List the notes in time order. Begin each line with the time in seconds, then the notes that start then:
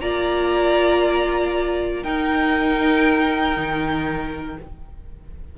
0.00 A#3 F4 D5 A#5
2.03 D#4 A#4 G5
3.56 D#3